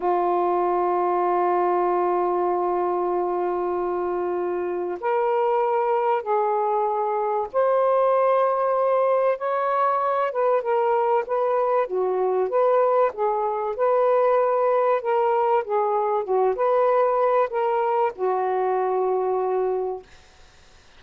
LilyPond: \new Staff \with { instrumentName = "saxophone" } { \time 4/4 \tempo 4 = 96 f'1~ | f'1 | ais'2 gis'2 | c''2. cis''4~ |
cis''8 b'8 ais'4 b'4 fis'4 | b'4 gis'4 b'2 | ais'4 gis'4 fis'8 b'4. | ais'4 fis'2. | }